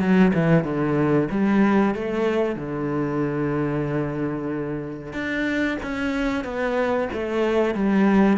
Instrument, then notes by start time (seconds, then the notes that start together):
cello
0.00 F#3
0.34 E3
0.64 D3
1.31 G3
1.95 A3
2.56 D3
5.13 D4
5.83 C#4
6.44 B3
7.13 A3
7.74 G3